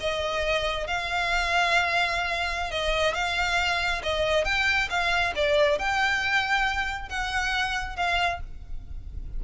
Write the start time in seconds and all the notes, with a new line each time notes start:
0.00 D#5
0.86 F5
2.71 D#5
3.14 F5
4.03 D#5
4.44 G5
4.89 F5
5.35 D5
5.78 G5
7.09 F#5
7.96 F5